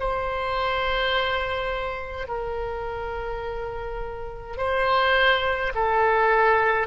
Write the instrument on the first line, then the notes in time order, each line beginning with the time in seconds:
oboe
0.00 C5
2.28 A#4
4.58 C5
5.75 A4